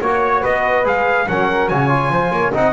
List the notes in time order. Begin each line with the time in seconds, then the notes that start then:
0.00 A#3 F#4 C#5
0.41 B3 B4 D#5
0.84 G#3 G#4 F5
1.28 F#3 C#4 A#4 F#5
1.69 C#3 F#4 C#5 G#5
1.89 F4
2.10 F3 C5
2.31 A#3 C#5
2.54 C4 D#4 D#5 F#5